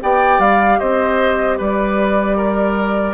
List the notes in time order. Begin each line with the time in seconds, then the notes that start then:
0.00 B3 G4 D5 G5
0.39 G3 F5
0.79 C4 C5 D#5
1.58 G3 B4 D5
2.37 A#4